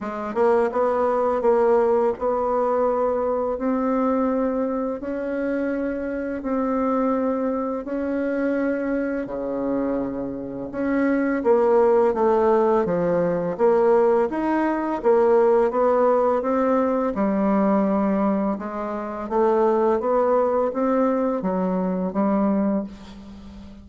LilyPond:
\new Staff \with { instrumentName = "bassoon" } { \time 4/4 \tempo 4 = 84 gis8 ais8 b4 ais4 b4~ | b4 c'2 cis'4~ | cis'4 c'2 cis'4~ | cis'4 cis2 cis'4 |
ais4 a4 f4 ais4 | dis'4 ais4 b4 c'4 | g2 gis4 a4 | b4 c'4 fis4 g4 | }